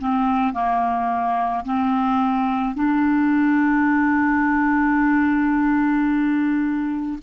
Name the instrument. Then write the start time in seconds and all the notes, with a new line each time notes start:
clarinet
0.00 C4
0.54 A#3
1.66 C4
2.75 D4